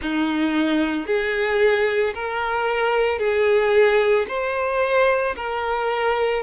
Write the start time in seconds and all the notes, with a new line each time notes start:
0.01 D#4
1.06 G#4
2.14 A#4
3.19 G#4
4.28 C5
5.36 A#4